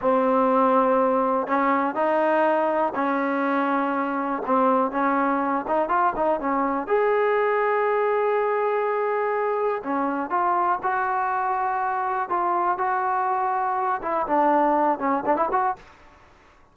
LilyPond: \new Staff \with { instrumentName = "trombone" } { \time 4/4 \tempo 4 = 122 c'2. cis'4 | dis'2 cis'2~ | cis'4 c'4 cis'4. dis'8 | f'8 dis'8 cis'4 gis'2~ |
gis'1 | cis'4 f'4 fis'2~ | fis'4 f'4 fis'2~ | fis'8 e'8 d'4. cis'8 d'16 e'16 fis'8 | }